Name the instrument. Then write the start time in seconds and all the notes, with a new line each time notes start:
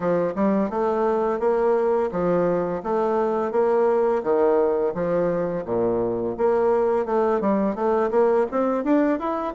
bassoon
0.00 F3
0.35 G3
0.69 A3
1.39 A#3
2.11 F3
2.83 A3
3.51 A#3
4.23 D#3
4.94 F3
5.65 A#2
6.37 A#3
7.05 A3
7.41 G3
7.75 A3
8.10 A#3
8.51 C4
8.84 D4
9.19 E4